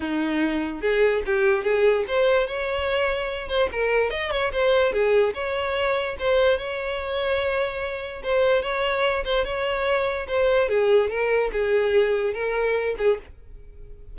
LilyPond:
\new Staff \with { instrumentName = "violin" } { \time 4/4 \tempo 4 = 146 dis'2 gis'4 g'4 | gis'4 c''4 cis''2~ | cis''8 c''8 ais'4 dis''8 cis''8 c''4 | gis'4 cis''2 c''4 |
cis''1 | c''4 cis''4. c''8 cis''4~ | cis''4 c''4 gis'4 ais'4 | gis'2 ais'4. gis'8 | }